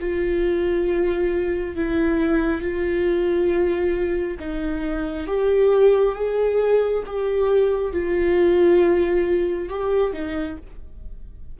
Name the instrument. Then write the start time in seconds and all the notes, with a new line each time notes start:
viola
0.00 F4
1.76 E4
2.61 F4
4.39 D#4
5.27 G4
6.15 G#4
7.06 G4
7.93 F4
9.69 G4
10.13 D#4